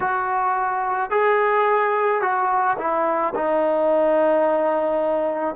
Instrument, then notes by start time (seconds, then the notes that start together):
trombone
0.00 F#4
1.10 G#4
2.21 F#4
2.78 E4
3.34 D#4